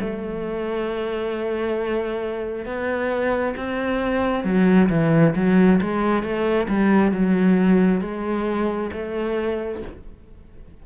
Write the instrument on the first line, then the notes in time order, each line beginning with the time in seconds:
cello
0.00 A3
2.65 B3
3.56 C4
4.44 F#3
4.89 E3
5.35 F#3
5.81 G#3
6.22 A3
6.68 G3
7.11 F#3
8.01 G#3
8.92 A3